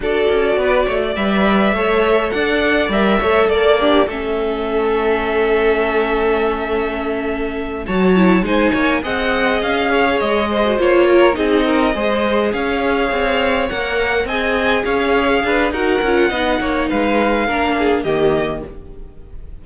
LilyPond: <<
  \new Staff \with { instrumentName = "violin" } { \time 4/4 \tempo 4 = 103 d''2 e''2 | fis''4 e''4 d''4 e''4~ | e''1~ | e''4. a''4 gis''4 fis''8~ |
fis''8 f''4 dis''4 cis''4 dis''8~ | dis''4. f''2 fis''8~ | fis''8 gis''4 f''4. fis''4~ | fis''4 f''2 dis''4 | }
  \new Staff \with { instrumentName = "violin" } { \time 4/4 a'4 b'8 cis''16 d''4~ d''16 cis''4 | d''4. cis''8 d''8 d'8 a'4~ | a'1~ | a'4. cis''4 c''8 cis''8 dis''8~ |
dis''4 cis''4 c''4 ais'8 gis'8 | ais'8 c''4 cis''2~ cis''8~ | cis''8 dis''4 cis''4 b'8 ais'4 | dis''8 cis''8 b'4 ais'8 gis'8 g'4 | }
  \new Staff \with { instrumentName = "viola" } { \time 4/4 fis'2 b'4 a'4~ | a'4 ais'8 a'4 g'8 cis'4~ | cis'1~ | cis'4. fis'8 e'8 dis'4 gis'8~ |
gis'2~ gis'16 fis'16 f'4 dis'8~ | dis'8 gis'2. ais'8~ | ais'8 gis'2~ gis'8 fis'8 f'8 | dis'2 d'4 ais4 | }
  \new Staff \with { instrumentName = "cello" } { \time 4/4 d'8 cis'8 b8 a8 g4 a4 | d'4 g8 a8 ais4 a4~ | a1~ | a4. fis4 gis8 ais8 c'8~ |
c'8 cis'4 gis4 ais4 c'8~ | c'8 gis4 cis'4 c'4 ais8~ | ais8 c'4 cis'4 d'8 dis'8 cis'8 | b8 ais8 gis4 ais4 dis4 | }
>>